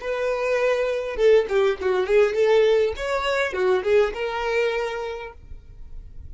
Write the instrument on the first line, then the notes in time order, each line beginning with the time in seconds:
violin
0.00 B4
1.16 A4
1.49 G4
1.81 F#4
2.06 G#4
2.34 A4
2.96 C#5
3.53 F#4
3.83 G#4
4.13 A#4